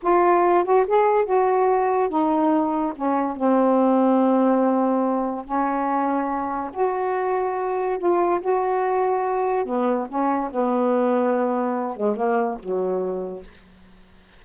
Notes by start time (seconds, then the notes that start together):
0.02 F4
0.64 F#4
0.87 G#4
1.25 F#4
2.09 D#4
2.95 C#4
3.36 C4
5.45 C#4
6.73 F#4
7.98 F4
8.40 F#4
9.65 B3
10.08 C#4
10.51 B3
11.96 G#3
12.16 A#3
12.59 F#3